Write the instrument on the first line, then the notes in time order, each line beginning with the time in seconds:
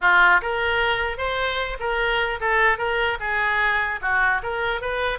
oboe
0.01 F4
0.41 A#4
1.17 C5
1.79 A#4
2.40 A4
2.78 A#4
3.19 G#4
4.01 F#4
4.42 A#4
4.81 B4